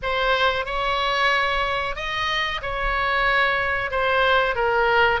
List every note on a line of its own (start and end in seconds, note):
0.02 0.65 C5
0.65 1.95 C#5
1.95 2.61 D#5
2.62 3.90 C#5
3.90 4.55 C5
4.55 5.20 A#4